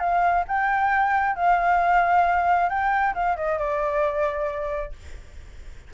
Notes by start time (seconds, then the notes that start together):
0.00 F5
0.48 G5
1.36 F5
2.69 G5
3.15 F5
3.37 D#5
3.59 D5